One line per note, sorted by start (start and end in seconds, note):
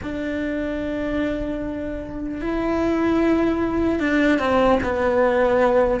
0.03 2.41 D4
2.41 3.99 E4
3.99 4.38 D4
4.38 4.78 C4
4.83 6.00 B3